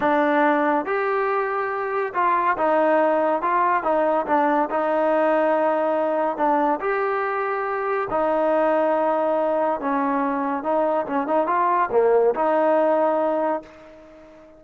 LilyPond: \new Staff \with { instrumentName = "trombone" } { \time 4/4 \tempo 4 = 141 d'2 g'2~ | g'4 f'4 dis'2 | f'4 dis'4 d'4 dis'4~ | dis'2. d'4 |
g'2. dis'4~ | dis'2. cis'4~ | cis'4 dis'4 cis'8 dis'8 f'4 | ais4 dis'2. | }